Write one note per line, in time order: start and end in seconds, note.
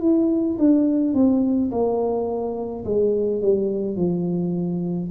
0.00 0.57 E4
0.58 1.14 D4
1.14 1.70 C4
1.71 2.84 A#3
2.85 3.41 G#3
3.41 3.96 G3
3.96 5.09 F3